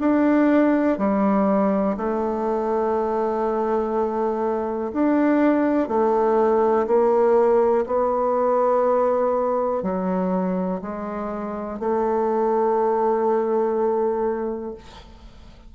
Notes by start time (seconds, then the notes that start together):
0.00 D4
0.98 G3
1.97 A3
4.94 D4
5.89 A3
6.87 A#3
7.87 B3
9.83 F#3
10.82 G#3
11.80 A3